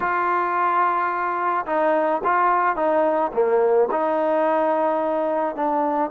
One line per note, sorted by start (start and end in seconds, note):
0.00 1.65 F4
1.65 2.21 D#4
2.24 2.76 F4
2.76 3.31 D#4
3.33 3.88 A#3
3.91 5.55 D#4
5.55 6.10 D4